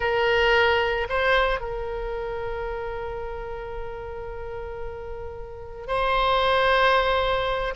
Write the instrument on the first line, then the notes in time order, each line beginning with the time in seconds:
oboe
0.00 A#4
1.09 C5
1.60 A#4
5.87 C5